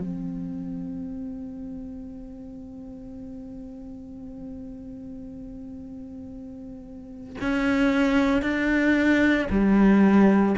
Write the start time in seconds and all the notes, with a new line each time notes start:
0.00 C4
7.41 C#4
8.42 D4
9.50 G3